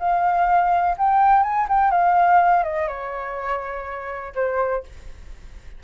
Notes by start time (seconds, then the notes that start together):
0.00 F5
0.98 G5
1.44 G#5
1.69 G5
1.92 F5
2.64 D#5
2.88 C#5
4.35 C5